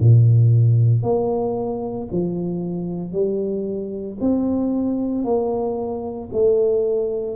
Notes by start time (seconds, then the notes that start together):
0.00 A#2
1.02 A#3
2.11 F3
3.12 G3
4.21 C4
5.24 A#3
6.33 A3